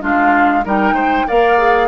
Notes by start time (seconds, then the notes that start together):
0.00 G#3 D4 F4 F5
0.64 G3 D#4 A#4 G5
0.92 G#3 C5
1.27 A#3 A#4 D5 F5
1.57 G#4